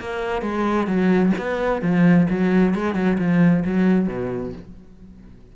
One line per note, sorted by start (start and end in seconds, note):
0.00 0.42 A#3
0.42 0.87 G#3
0.87 1.32 F#3
1.38 1.82 B3
1.82 2.27 F3
2.30 2.74 F#3
2.74 2.95 G#3
2.95 3.17 F#3
3.18 3.64 F3
3.65 4.08 F#3
4.08 4.53 B2